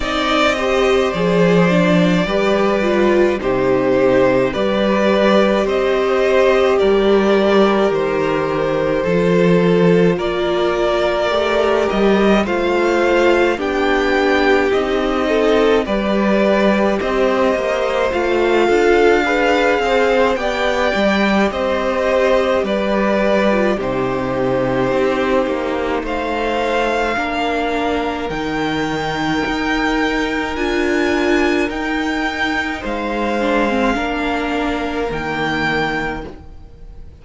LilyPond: <<
  \new Staff \with { instrumentName = "violin" } { \time 4/4 \tempo 4 = 53 dis''4 d''2 c''4 | d''4 dis''4 d''4 c''4~ | c''4 d''4. dis''8 f''4 | g''4 dis''4 d''4 dis''4 |
f''2 g''4 dis''4 | d''4 c''2 f''4~ | f''4 g''2 gis''4 | g''4 f''2 g''4 | }
  \new Staff \with { instrumentName = "violin" } { \time 4/4 d''8 c''4. b'4 g'4 | b'4 c''4 ais'2 | a'4 ais'2 c''4 | g'4. a'8 b'4 c''4~ |
c''8 a'8 b'8 c''8 d''4 c''4 | b'4 g'2 c''4 | ais'1~ | ais'4 c''4 ais'2 | }
  \new Staff \with { instrumentName = "viola" } { \time 4/4 dis'8 g'8 gis'8 d'8 g'8 f'8 dis'4 | g'1 | f'2 g'4 f'4 | d'4 dis'4 g'2 |
f'4 gis'4 g'2~ | g'8. f'16 dis'2. | d'4 dis'2 f'4 | dis'4. d'16 c'16 d'4 ais4 | }
  \new Staff \with { instrumentName = "cello" } { \time 4/4 c'4 f4 g4 c4 | g4 c'4 g4 dis4 | f4 ais4 a8 g8 a4 | b4 c'4 g4 c'8 ais8 |
a8 d'4 c'8 b8 g8 c'4 | g4 c4 c'8 ais8 a4 | ais4 dis4 dis'4 d'4 | dis'4 gis4 ais4 dis4 | }
>>